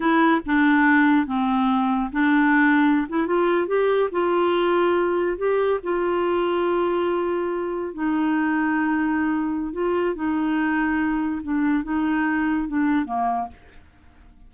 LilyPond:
\new Staff \with { instrumentName = "clarinet" } { \time 4/4 \tempo 4 = 142 e'4 d'2 c'4~ | c'4 d'2~ d'16 e'8 f'16~ | f'8. g'4 f'2~ f'16~ | f'8. g'4 f'2~ f'16~ |
f'2~ f'8. dis'4~ dis'16~ | dis'2. f'4 | dis'2. d'4 | dis'2 d'4 ais4 | }